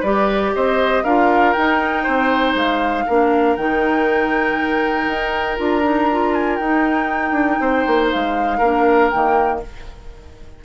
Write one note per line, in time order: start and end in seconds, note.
0.00 0.53 G3
0.00 1.05 G4
0.00 0.50 B4
0.00 0.53 D5
0.55 1.04 C4
0.55 1.04 C5
0.55 1.04 D#5
1.04 1.54 D4
1.04 1.57 F4
1.04 2.03 A#4
1.04 1.53 F5
1.53 3.08 D#4
1.53 2.07 D#4
1.53 2.54 G5
2.03 2.54 C4
2.03 3.04 C5
2.54 3.05 G#3
2.54 3.56 F5
3.06 3.57 A#3
3.06 3.58 D4
3.06 7.60 A#4
3.56 5.07 D#3
3.56 5.57 D#4
3.56 5.58 G5
5.07 5.58 D#4
5.57 6.60 D4
5.57 5.82 F4
5.57 6.34 A#5
5.83 6.08 D#4
6.11 6.62 F4
6.34 6.56 G#5
6.56 7.31 D#4
6.56 8.62 D#4
6.56 8.07 G5
7.31 7.56 D4
7.60 7.85 C4
7.60 8.58 C5
7.87 8.12 A#3
8.12 8.60 G#3
8.12 9.10 F5
8.58 9.10 A#3
8.58 9.13 D4
8.58 9.59 A#4
9.10 9.64 D#3
9.10 9.63 A#3
9.10 9.60 G5